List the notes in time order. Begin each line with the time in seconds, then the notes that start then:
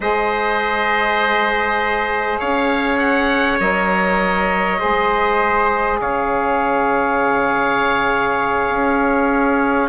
0.00 G#3 G#4 C5 D#5
2.39 C#4 C#5 F5
2.98 F#5
3.60 F#3 A#4 D#5
4.78 G#3 G#4 C5
6.00 C#3 C#5 F5
8.69 C#4